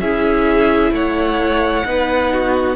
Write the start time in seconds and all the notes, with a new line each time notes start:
0.00 C#4 E4 G#4 E5
0.92 A3 C#5 F#5
1.85 B3 D#4 B4
2.33 F#4